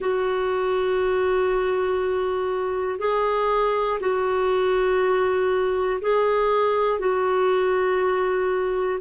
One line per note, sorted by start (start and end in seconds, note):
0.00 2.99 F#4
2.99 3.99 G#4
4.00 6.00 F#4
6.01 6.99 G#4
6.99 8.99 F#4